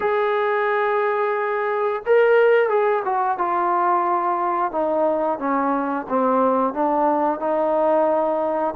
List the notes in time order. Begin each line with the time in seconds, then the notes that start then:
0.00 G#4
2.06 A#4
2.69 G#4
3.04 F#4
3.38 F4
4.71 D#4
5.38 C#4
6.08 C4
6.73 D4
7.39 D#4